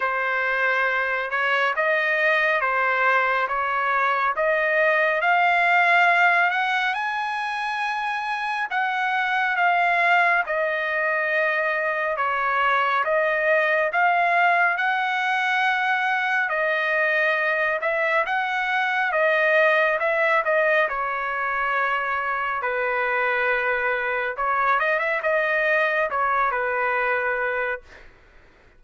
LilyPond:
\new Staff \with { instrumentName = "trumpet" } { \time 4/4 \tempo 4 = 69 c''4. cis''8 dis''4 c''4 | cis''4 dis''4 f''4. fis''8 | gis''2 fis''4 f''4 | dis''2 cis''4 dis''4 |
f''4 fis''2 dis''4~ | dis''8 e''8 fis''4 dis''4 e''8 dis''8 | cis''2 b'2 | cis''8 dis''16 e''16 dis''4 cis''8 b'4. | }